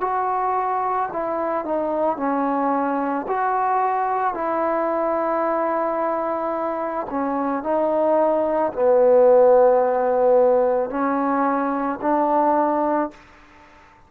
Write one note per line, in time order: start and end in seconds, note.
0.00 1.09 F#4
1.12 1.65 E4
1.65 2.17 D#4
2.17 3.26 C#4
3.27 4.34 F#4
4.34 7.07 E4
7.10 7.63 C#4
7.63 8.72 D#4
8.73 10.90 B3
10.90 11.99 C#4
12.01 13.11 D4